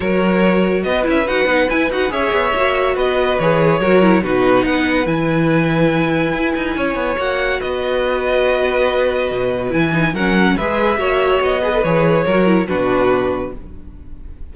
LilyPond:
<<
  \new Staff \with { instrumentName = "violin" } { \time 4/4 \tempo 4 = 142 cis''2 dis''8 e''8 fis''4 | gis''8 fis''8 e''2 dis''4 | cis''2 b'4 fis''4 | gis''1~ |
gis''4 fis''4 dis''2~ | dis''2. gis''4 | fis''4 e''2 dis''4 | cis''2 b'2 | }
  \new Staff \with { instrumentName = "violin" } { \time 4/4 ais'2 b'2~ | b'4 cis''2 b'4~ | b'4 ais'4 fis'4 b'4~ | b'1 |
cis''2 b'2~ | b'1 | ais'4 b'4 cis''4. b'8~ | b'4 ais'4 fis'2 | }
  \new Staff \with { instrumentName = "viola" } { \time 4/4 fis'2~ fis'8 e'8 fis'8 dis'8 | e'8 fis'8 gis'4 fis'2 | gis'4 fis'8 e'8 dis'2 | e'1~ |
e'4 fis'2.~ | fis'2. e'8 dis'8 | cis'4 gis'4 fis'4. gis'16 a'16 | gis'4 fis'8 e'8 d'2 | }
  \new Staff \with { instrumentName = "cello" } { \time 4/4 fis2 b8 cis'8 dis'8 b8 | e'8 dis'8 cis'8 b8 ais4 b4 | e4 fis4 b,4 b4 | e2. e'8 dis'8 |
cis'8 b8 ais4 b2~ | b2 b,4 e4 | fis4 gis4 ais4 b4 | e4 fis4 b,2 | }
>>